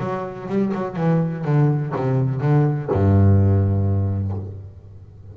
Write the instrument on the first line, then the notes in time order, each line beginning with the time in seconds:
double bass
0.00 F#3
0.49 G3
0.74 F#3
0.97 E3
1.45 D3
1.96 C3
2.41 D3
2.92 G2